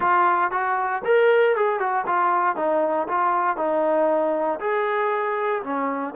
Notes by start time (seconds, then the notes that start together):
0.00 F4
0.51 F#4
1.05 A#4
1.56 G#4
1.79 F#4
2.06 F4
2.56 D#4
3.08 F4
3.56 D#4
4.59 G#4
5.63 C#4